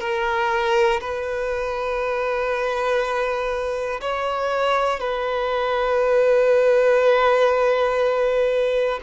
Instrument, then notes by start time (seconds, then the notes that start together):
violin
0.00 A#4
1.01 B4
4.01 C#5
5.00 B4